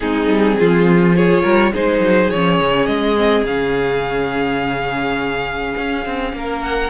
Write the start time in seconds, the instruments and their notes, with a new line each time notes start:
0.00 cello G#3, viola C4, violin D#4 G#4
0.27 cello G3
0.59 cello F3, violin F4
1.15 viola F4, violin G#4 C#5
1.43 cello G3, violin A#4
1.72 cello G#3, viola D#4, violin G#4 C5
1.99 cello F#3
2.30 cello F3, viola C#4, violin C#5
2.60 cello C#3
2.86 cello G#3, violin D#5
3.16 viola C4
3.43 cello C#3, viola C#4, violin F5
5.77 cello C#4
6.05 cello C4
6.33 cello A#3, violin A#4
6.62 violin F#5